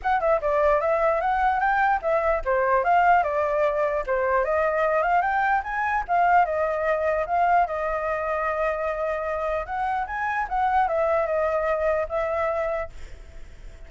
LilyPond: \new Staff \with { instrumentName = "flute" } { \time 4/4 \tempo 4 = 149 fis''8 e''8 d''4 e''4 fis''4 | g''4 e''4 c''4 f''4 | d''2 c''4 dis''4~ | dis''8 f''8 g''4 gis''4 f''4 |
dis''2 f''4 dis''4~ | dis''1 | fis''4 gis''4 fis''4 e''4 | dis''2 e''2 | }